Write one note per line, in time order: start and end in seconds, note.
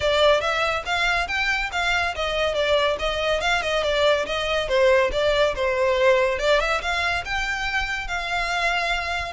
0.00 0.40 D5
0.40 0.83 E5
0.85 1.27 F5
1.27 1.70 G5
1.72 2.14 F5
2.15 2.54 D#5
2.54 2.96 D5
2.99 3.40 D#5
3.40 3.62 F5
3.62 3.83 D#5
3.83 4.25 D5
4.26 4.68 D#5
4.68 5.10 C5
5.12 5.54 D5
5.55 6.38 C5
6.38 6.60 D5
6.60 6.81 E5
6.81 7.24 F5
7.25 8.07 G5
8.07 9.32 F5